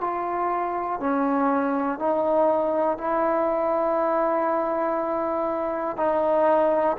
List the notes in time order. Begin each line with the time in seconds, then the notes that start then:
0.00 F4
1.00 C#4
1.99 D#4
2.98 E4
5.97 D#4